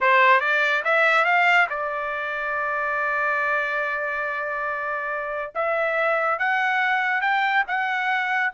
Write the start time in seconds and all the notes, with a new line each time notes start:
0.00 C5
0.40 D5
0.84 E5
1.24 F5
1.69 D5
5.54 E5
6.38 F#5
7.21 G5
7.67 F#5